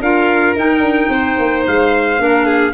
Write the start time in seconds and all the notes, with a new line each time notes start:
0.00 D4 F4 A#4 F5
0.55 D#4 G5
0.79 D4
1.09 C4 C5
1.38 A#3
1.67 G#3 F5
2.18 A#3 D4 A#4
2.45 G#4